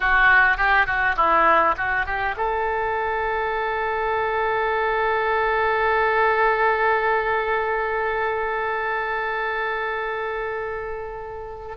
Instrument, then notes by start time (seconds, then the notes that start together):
oboe
0.00 F#4
0.57 G4
0.86 F#4
1.16 E4
1.77 F#4
2.06 G4
2.37 A4